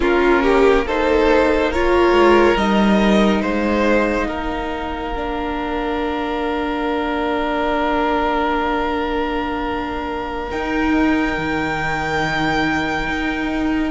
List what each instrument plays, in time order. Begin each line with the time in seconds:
0.00 cello A#3, viola C#4, violin F4 A#4
0.42 violin G4
0.85 viola D#4, violin A4 C5
1.71 viola F4, violin A#4 C#5
2.11 cello G#3
2.56 cello G3, viola D#4, violin D#5
3.41 cello G#3, violin C5 F5
4.26 cello A#3, violin A#4
5.15 viola D4
10.51 cello D#4, viola D#4, violin G5
11.37 cello D#3
13.07 cello D#4